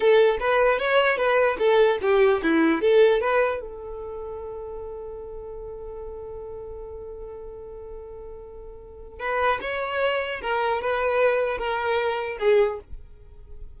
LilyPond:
\new Staff \with { instrumentName = "violin" } { \time 4/4 \tempo 4 = 150 a'4 b'4 cis''4 b'4 | a'4 g'4 e'4 a'4 | b'4 a'2.~ | a'1~ |
a'1~ | a'2. b'4 | cis''2 ais'4 b'4~ | b'4 ais'2 gis'4 | }